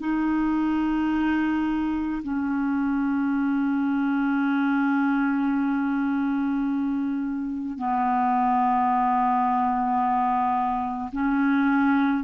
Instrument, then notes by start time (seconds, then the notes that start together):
clarinet
0.00 D#4
2.24 C#4
7.78 B3
11.13 C#4